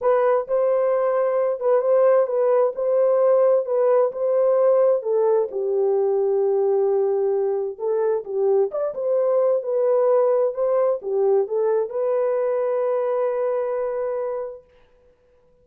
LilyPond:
\new Staff \with { instrumentName = "horn" } { \time 4/4 \tempo 4 = 131 b'4 c''2~ c''8 b'8 | c''4 b'4 c''2 | b'4 c''2 a'4 | g'1~ |
g'4 a'4 g'4 d''8 c''8~ | c''4 b'2 c''4 | g'4 a'4 b'2~ | b'1 | }